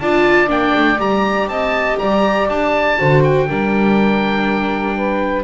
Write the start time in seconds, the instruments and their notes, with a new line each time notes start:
0.00 double bass D4, viola F4, saxophone D5, oboe A5
0.47 double bass A#3, viola D4, oboe G5
0.75 double bass A3
0.98 double bass G3, viola G4, oboe A#5
1.47 double bass C4, saxophone D#5, oboe A5
1.98 double bass G3, saxophone D5, oboe A#5
2.49 double bass D4, oboe A5
2.98 double bass D3, viola F#4, saxophone C5
3.24 oboe G5
3.48 double bass G3, viola D4, saxophone A#4
4.96 saxophone B4